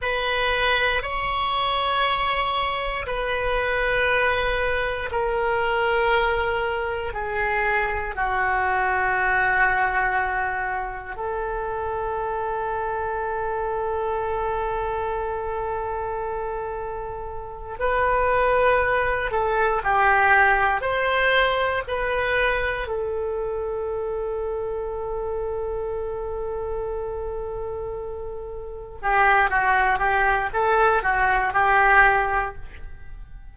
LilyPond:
\new Staff \with { instrumentName = "oboe" } { \time 4/4 \tempo 4 = 59 b'4 cis''2 b'4~ | b'4 ais'2 gis'4 | fis'2. a'4~ | a'1~ |
a'4. b'4. a'8 g'8~ | g'8 c''4 b'4 a'4.~ | a'1~ | a'8 g'8 fis'8 g'8 a'8 fis'8 g'4 | }